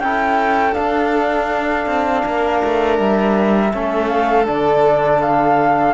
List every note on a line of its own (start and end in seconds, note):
0.00 0.74 C#4
0.00 0.73 E4
0.00 2.26 A4
0.00 0.74 G5
0.73 3.69 D4
0.73 1.87 D4
0.73 2.97 F5
1.87 2.24 C4
2.26 2.63 A#3
2.26 3.74 A#4
2.64 2.99 A3
2.98 3.73 G3
2.98 4.08 E5
3.74 4.48 A3
3.74 4.46 C#4
3.74 5.94 A4
4.08 4.46 F5
4.46 5.94 D3
4.46 5.94 D4
4.46 5.22 D5
5.22 5.94 F5